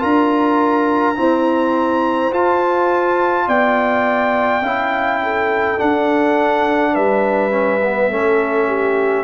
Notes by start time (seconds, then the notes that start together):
0.00 D4 F4 A#4 A#5
1.16 C4 E4 C5
2.32 F4 A5
3.47 B3 D5 G5
4.62 C#4 E4 F5
5.23 A4
5.78 D4 F#5
6.93 G3 B4 E5
7.51 C#4
7.83 B3
8.10 A3 C#4 A4
8.67 G4